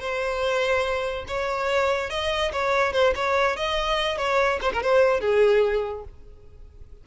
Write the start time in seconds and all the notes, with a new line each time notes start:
0.00 C5
1.28 C#5
2.10 D#5
2.52 C#5
2.93 C5
3.15 C#5
3.57 D#5
4.17 C#5
4.62 C5
4.73 A#4
4.82 C5
5.20 G#4